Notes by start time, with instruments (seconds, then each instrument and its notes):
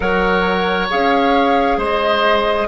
0.00 bassoon F#3, clarinet A#4, oboe C#5, flute F#5
0.90 bassoon C#4, clarinet G#4, flute F5
1.77 bassoon G#3, oboe C5, flute D#5